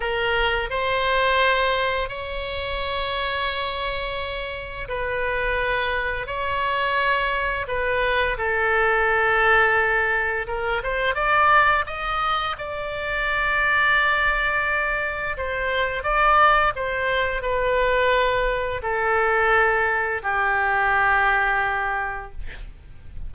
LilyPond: \new Staff \with { instrumentName = "oboe" } { \time 4/4 \tempo 4 = 86 ais'4 c''2 cis''4~ | cis''2. b'4~ | b'4 cis''2 b'4 | a'2. ais'8 c''8 |
d''4 dis''4 d''2~ | d''2 c''4 d''4 | c''4 b'2 a'4~ | a'4 g'2. | }